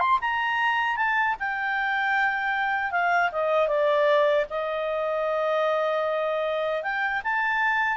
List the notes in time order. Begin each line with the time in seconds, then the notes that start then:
0.00 C6
0.21 A#5
0.97 A5
1.40 G5
2.91 F5
3.32 D#5
3.68 D5
4.50 D#5
6.83 G5
7.24 A5